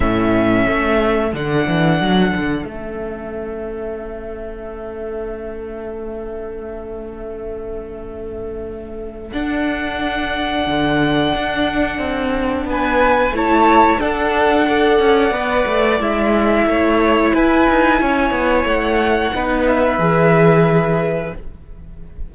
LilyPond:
<<
  \new Staff \with { instrumentName = "violin" } { \time 4/4 \tempo 4 = 90 e''2 fis''2 | e''1~ | e''1~ | e''2 fis''2~ |
fis''2. gis''4 | a''4 fis''2. | e''2 gis''2 | fis''4. e''2~ e''8 | }
  \new Staff \with { instrumentName = "violin" } { \time 4/4 a'1~ | a'1~ | a'1~ | a'1~ |
a'2. b'4 | cis''4 a'4 d''2~ | d''4 cis''4 b'4 cis''4~ | cis''4 b'2. | }
  \new Staff \with { instrumentName = "viola" } { \time 4/4 cis'2 d'2 | cis'1~ | cis'1~ | cis'2 d'2~ |
d'1 | e'4 d'4 a'4 b'4 | e'1~ | e'4 dis'4 gis'2 | }
  \new Staff \with { instrumentName = "cello" } { \time 4/4 a,4 a4 d8 e8 fis8 d8 | a1~ | a1~ | a2 d'2 |
d4 d'4 c'4 b4 | a4 d'4. cis'8 b8 a8 | gis4 a4 e'8 dis'8 cis'8 b8 | a4 b4 e2 | }
>>